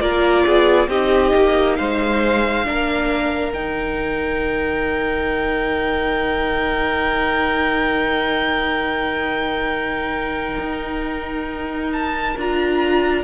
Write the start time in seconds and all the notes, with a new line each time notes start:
0.00 A#3 F4 A#4 D5
0.46 B3 G#4
0.88 C4 D#4 G4 D#5
1.34 A#3
1.76 G#3 C5 F5
2.64 A#3 D4 A#4
3.53 D#3 D#4 G5
10.58 D#4
11.92 A5
12.36 D4 F4 A#5